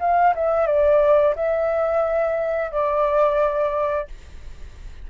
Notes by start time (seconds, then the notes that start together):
0.00 F5
0.35 E5
0.66 D5
1.35 E5
2.71 D5